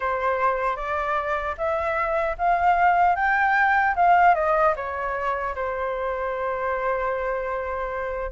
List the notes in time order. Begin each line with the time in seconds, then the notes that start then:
0.00 C5
0.76 D5
1.57 E5
2.38 F5
3.15 G5
3.95 F5
4.35 D#5
4.75 C#5
5.55 C5